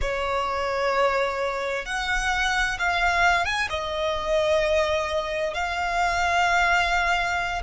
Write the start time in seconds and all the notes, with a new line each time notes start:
0.01 C#5
1.85 F#5
2.79 F5
3.45 G#5
3.69 D#5
5.53 F5